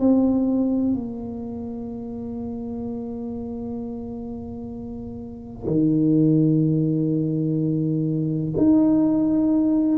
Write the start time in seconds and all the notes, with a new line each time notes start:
0.00 C4
0.94 A#3
5.67 D#3
8.57 D#4